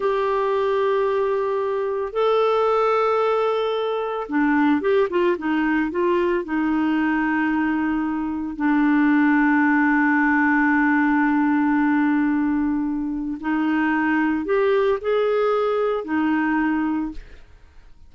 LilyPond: \new Staff \with { instrumentName = "clarinet" } { \time 4/4 \tempo 4 = 112 g'1 | a'1 | d'4 g'8 f'8 dis'4 f'4 | dis'1 |
d'1~ | d'1~ | d'4 dis'2 g'4 | gis'2 dis'2 | }